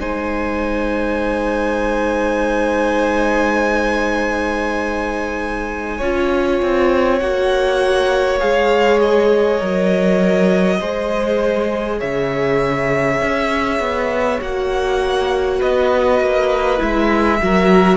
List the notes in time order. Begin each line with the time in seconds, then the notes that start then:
0.00 G#3 D#4 C5 G#5
5.98 C#4 F4 C#5
6.62 C4
7.19 A#3 F#4 F#5
8.40 G#3 G#4 F5
9.01 D#5
9.59 F#3 A#4
10.80 G#3 G#4 C5
11.98 C#3 C#5 E5
13.21 C#4
13.80 B3
14.40 A#3 F#4 F#5
15.58 B3 B4 D#5
16.21 A#3
16.78 G#3 E4 E5
17.41 F#3 F#4 A#4